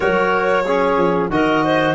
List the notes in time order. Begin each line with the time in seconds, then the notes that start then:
0.00 F#3 F#4 A#4 C#5
0.64 C#4 G#4
0.97 F3
1.29 D#3 F#4 A#4 D#5
1.64 C5